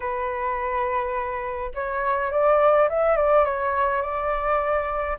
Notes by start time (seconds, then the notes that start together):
0.00 B4
1.74 C#5
2.31 D5
2.89 E5
3.16 D5
3.44 C#5
4.02 D5